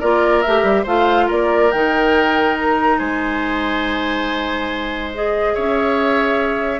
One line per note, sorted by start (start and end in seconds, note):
0.00 0.45 A#3
0.00 0.44 F4
0.00 0.83 A#4
0.00 0.41 D5
0.41 0.63 A3
0.41 0.86 G4
0.41 0.84 E5
0.63 0.84 G3
0.83 1.29 A3
0.83 1.71 F4
0.83 1.26 C5
0.83 1.30 F5
1.27 1.73 A#3
1.27 2.97 A#4
1.27 1.71 D5
1.71 3.00 D#3
1.71 5.14 D#4
1.71 2.56 G5
2.58 2.99 A#5
2.98 5.55 G#3
2.98 5.54 C5
2.98 5.11 G#5
5.14 6.79 G#4
5.14 5.54 D#5
5.54 6.79 C#4
5.54 6.79 C#5
5.54 6.79 E5